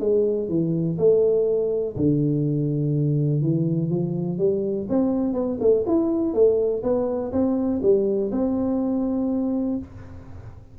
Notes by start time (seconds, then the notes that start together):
0.00 G#3
0.49 E3
0.98 A3
1.96 D3
3.42 E3
3.90 F3
4.39 G3
4.89 C4
5.33 B3
5.61 A3
5.87 E4
6.34 A3
6.83 B3
7.32 C4
7.82 G3
8.32 C4